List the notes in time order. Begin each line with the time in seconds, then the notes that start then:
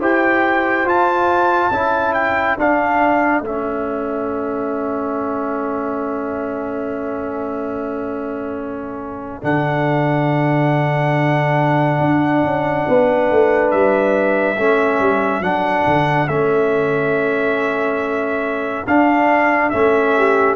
0.00 E4 G4 C5 G5
0.85 F4 A5
1.71 C#4 E4 A4
2.14 G5
2.59 D4 F5
3.42 A3 C#4 E5
9.42 D3 D4 F#5
12.01 D4
12.44 C#4
12.88 B3 B4
13.31 A3
13.72 G3 E5
14.57 A3 C#4 A4
15.00 G3
15.41 F#3 D4 F#5
15.87 D3
16.28 A3 C#4 E5
18.87 D4 F5
19.70 A3 C#4 E5
20.18 G4